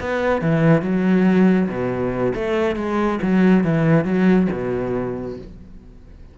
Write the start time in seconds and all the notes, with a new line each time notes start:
0.00 B3
0.41 E3
0.82 F#3
1.68 B2
2.34 A3
2.75 G#3
3.22 F#3
3.64 E3
4.05 F#3
4.51 B2